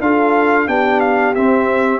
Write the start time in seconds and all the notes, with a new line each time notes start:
0.00 D4 F4 A4 F5
0.67 B3 D4 G4 G5
1.00 F5
1.34 C4 E5